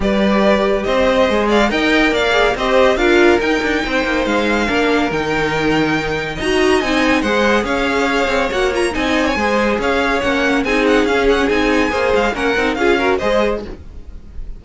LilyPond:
<<
  \new Staff \with { instrumentName = "violin" } { \time 4/4 \tempo 4 = 141 d''2 dis''4. f''8 | g''4 f''4 dis''4 f''4 | g''2 f''2 | g''2. ais''4 |
gis''4 fis''4 f''2 | fis''8 ais''8 gis''2 f''4 | fis''4 gis''8 fis''8 f''8 fis''8 gis''4~ | gis''8 f''8 fis''4 f''4 dis''4 | }
  \new Staff \with { instrumentName = "violin" } { \time 4/4 b'2 c''4. d''8 | dis''4 d''4 c''4 ais'4~ | ais'4 c''2 ais'4~ | ais'2. dis''4~ |
dis''4 c''4 cis''2~ | cis''4 dis''8. cis''16 c''4 cis''4~ | cis''4 gis'2. | c''4 ais'4 gis'8 ais'8 c''4 | }
  \new Staff \with { instrumentName = "viola" } { \time 4/4 g'2. gis'4 | ais'4. gis'8 g'4 f'4 | dis'2. d'4 | dis'2. fis'4 |
dis'4 gis'2. | fis'8 f'8 dis'4 gis'2 | cis'4 dis'4 cis'4 dis'4 | gis'4 cis'8 dis'8 f'8 fis'8 gis'4 | }
  \new Staff \with { instrumentName = "cello" } { \time 4/4 g2 c'4 gis4 | dis'4 ais4 c'4 d'4 | dis'8 d'8 c'8 ais8 gis4 ais4 | dis2. dis'4 |
c'4 gis4 cis'4. c'8 | ais4 c'4 gis4 cis'4 | ais4 c'4 cis'4 c'4 | ais8 gis8 ais8 c'8 cis'4 gis4 | }
>>